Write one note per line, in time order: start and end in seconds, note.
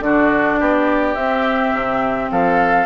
0.00 0.57 D3
0.00 1.16 D4
0.00 0.59 F#4
0.00 1.15 D5
0.59 1.15 B3
0.59 2.31 G4
1.15 1.73 C4
1.15 2.86 C4
1.15 2.29 E5
1.73 2.30 C3
2.31 2.86 F3
2.31 2.86 A4
2.31 2.86 F5